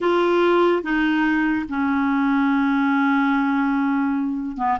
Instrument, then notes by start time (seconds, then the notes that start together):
clarinet
0.00 F4
0.82 D#4
1.68 C#4
4.57 B3